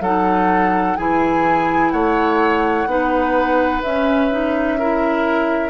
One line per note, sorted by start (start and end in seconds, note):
0.00 0.95 F#3
0.00 0.97 D#4
0.00 0.97 A4
0.00 0.96 F#5
0.96 1.92 E3
0.96 2.87 E4
0.96 1.92 G#4
0.96 1.91 G#5
1.91 2.86 A3
1.91 2.88 C#5
1.91 3.81 F#5
2.86 3.81 B3
2.86 3.82 D#4
2.86 4.79 B4
3.82 4.31 C#4
3.82 5.70 C#4
3.82 5.70 E5
4.31 4.78 D#4
4.79 5.70 E4
4.79 5.70 A#4